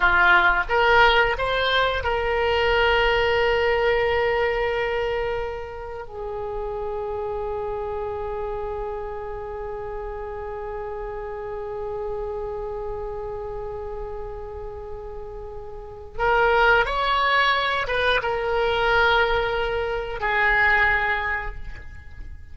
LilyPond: \new Staff \with { instrumentName = "oboe" } { \time 4/4 \tempo 4 = 89 f'4 ais'4 c''4 ais'4~ | ais'1~ | ais'4 gis'2.~ | gis'1~ |
gis'1~ | gis'1 | ais'4 cis''4. b'8 ais'4~ | ais'2 gis'2 | }